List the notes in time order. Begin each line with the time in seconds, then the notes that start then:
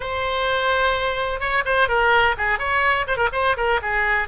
0.00 C5
1.39 C#5
1.65 C5
1.88 A#4
2.37 G#4
2.58 C#5
3.07 C5
3.17 A#4
3.32 C5
3.56 A#4
3.82 G#4